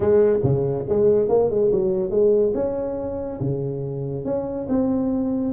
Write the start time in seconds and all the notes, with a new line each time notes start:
0.00 G#3
0.43 C#3
0.88 G#3
1.28 A#3
1.50 G#3
1.72 F#3
2.10 G#3
2.54 C#4
3.40 C#3
4.24 C#4
4.68 C4